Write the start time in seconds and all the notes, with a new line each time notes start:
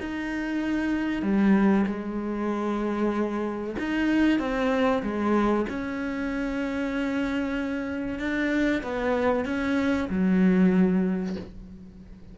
0.00 D#4
1.22 G3
1.86 G#3
3.79 D#4
4.39 C4
5.03 G#3
5.69 C#4
8.19 D4
8.83 B3
9.45 C#4
10.10 F#3